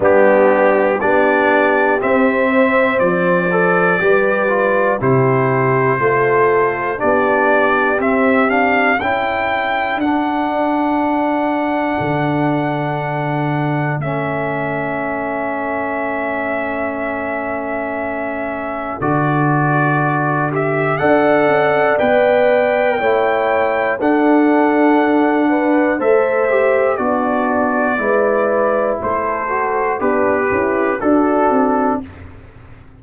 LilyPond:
<<
  \new Staff \with { instrumentName = "trumpet" } { \time 4/4 \tempo 4 = 60 g'4 d''4 e''4 d''4~ | d''4 c''2 d''4 | e''8 f''8 g''4 fis''2~ | fis''2 e''2~ |
e''2. d''4~ | d''8 e''8 fis''4 g''2 | fis''2 e''4 d''4~ | d''4 c''4 b'4 a'4 | }
  \new Staff \with { instrumentName = "horn" } { \time 4/4 d'4 g'4. c''4. | b'4 g'4 a'4 g'4~ | g'4 a'2.~ | a'1~ |
a'1~ | a'4 d''2 cis''4 | a'4. b'8 c''4 d'4 | b'4 a'4 d'8 e'8 fis'4 | }
  \new Staff \with { instrumentName = "trombone" } { \time 4/4 b4 d'4 c'4. a'8 | g'8 f'8 e'4 f'4 d'4 | c'8 d'8 e'4 d'2~ | d'2 cis'2~ |
cis'2. fis'4~ | fis'8 g'8 a'4 b'4 e'4 | d'2 a'8 g'8 fis'4 | e'4. fis'8 g'4 d'4 | }
  \new Staff \with { instrumentName = "tuba" } { \time 4/4 g4 b4 c'4 f4 | g4 c4 a4 b4 | c'4 cis'4 d'2 | d2 a2~ |
a2. d4~ | d4 d'8 cis'8 b4 a4 | d'2 a4 b4 | gis4 a4 b8 cis'8 d'8 c'8 | }
>>